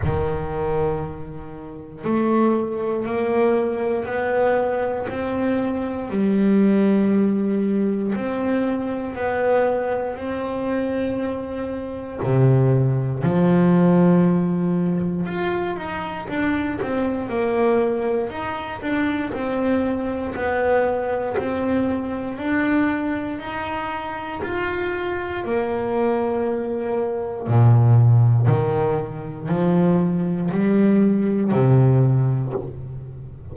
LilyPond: \new Staff \with { instrumentName = "double bass" } { \time 4/4 \tempo 4 = 59 dis2 a4 ais4 | b4 c'4 g2 | c'4 b4 c'2 | c4 f2 f'8 dis'8 |
d'8 c'8 ais4 dis'8 d'8 c'4 | b4 c'4 d'4 dis'4 | f'4 ais2 ais,4 | dis4 f4 g4 c4 | }